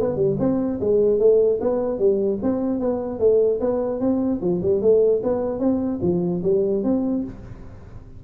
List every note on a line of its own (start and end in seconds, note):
0.00 0.16 B3
0.16 0.36 G3
0.39 0.79 C4
0.80 1.19 G#3
1.19 1.59 A3
1.61 1.98 B3
1.98 2.38 G3
2.42 2.79 C4
2.79 3.19 B3
3.19 3.59 A3
3.60 4.00 B3
4.00 4.40 C4
4.41 4.61 F3
4.62 4.81 G3
4.81 5.22 A3
5.23 5.59 B3
5.59 5.99 C4
6.02 6.42 F3
6.43 6.83 G3
6.83 7.24 C4